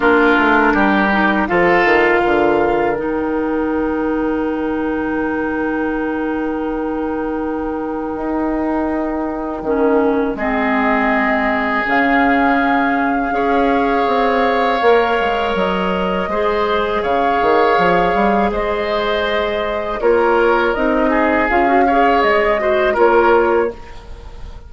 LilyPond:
<<
  \new Staff \with { instrumentName = "flute" } { \time 4/4 \tempo 4 = 81 ais'2 f''2 | g''1~ | g''1~ | g''2 dis''2 |
f''1~ | f''4 dis''2 f''4~ | f''4 dis''2 cis''4 | dis''4 f''4 dis''4 cis''4 | }
  \new Staff \with { instrumentName = "oboe" } { \time 4/4 f'4 g'4 a'4 ais'4~ | ais'1~ | ais'1~ | ais'2 gis'2~ |
gis'2 cis''2~ | cis''2 c''4 cis''4~ | cis''4 c''2 ais'4~ | ais'8 gis'4 cis''4 c''8 ais'4 | }
  \new Staff \with { instrumentName = "clarinet" } { \time 4/4 d'4. dis'8 f'2 | dis'1~ | dis'1~ | dis'4 cis'4 c'2 |
cis'2 gis'2 | ais'2 gis'2~ | gis'2. f'4 | dis'4 f'16 fis'16 gis'4 fis'8 f'4 | }
  \new Staff \with { instrumentName = "bassoon" } { \time 4/4 ais8 a8 g4 f8 dis8 d4 | dis1~ | dis2. dis'4~ | dis'4 dis4 gis2 |
cis2 cis'4 c'4 | ais8 gis8 fis4 gis4 cis8 dis8 | f8 g8 gis2 ais4 | c'4 cis'4 gis4 ais4 | }
>>